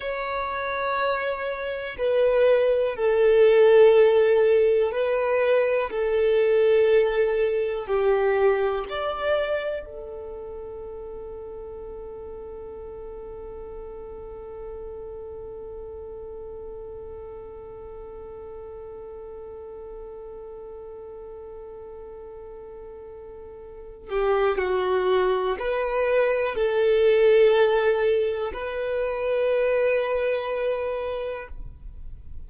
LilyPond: \new Staff \with { instrumentName = "violin" } { \time 4/4 \tempo 4 = 61 cis''2 b'4 a'4~ | a'4 b'4 a'2 | g'4 d''4 a'2~ | a'1~ |
a'1~ | a'1~ | a'8 g'8 fis'4 b'4 a'4~ | a'4 b'2. | }